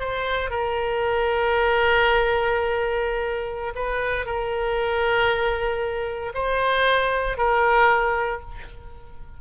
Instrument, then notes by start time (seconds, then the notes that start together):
oboe
0.00 C5
0.51 A#4
3.75 B4
4.26 A#4
6.35 C5
7.38 A#4